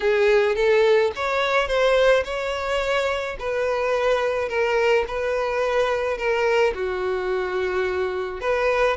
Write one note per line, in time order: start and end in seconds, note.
0.00 0.55 G#4
0.55 1.11 A4
1.15 1.67 C#5
1.67 2.23 C5
2.24 3.36 C#5
3.39 4.49 B4
4.49 5.05 A#4
5.07 6.17 B4
6.17 6.73 A#4
6.74 8.40 F#4
8.40 8.96 B4